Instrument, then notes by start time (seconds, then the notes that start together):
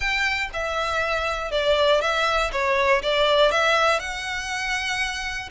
violin
0.00 G5
0.53 E5
1.51 D5
2.01 E5
2.51 C#5
3.02 D5
3.51 E5
3.99 F#5